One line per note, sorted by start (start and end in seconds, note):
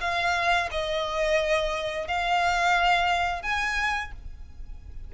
0.00 0.69 F5
0.71 2.08 D#5
2.08 3.42 F5
3.42 4.11 G#5